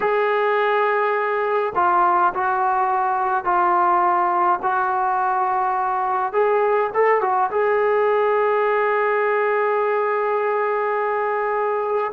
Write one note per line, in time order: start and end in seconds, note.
0.00 1.73 G#4
1.75 2.33 F4
2.34 3.44 F#4
3.44 4.59 F4
4.62 6.32 F#4
6.32 6.90 G#4
6.94 7.21 A4
7.21 7.49 F#4
7.50 12.12 G#4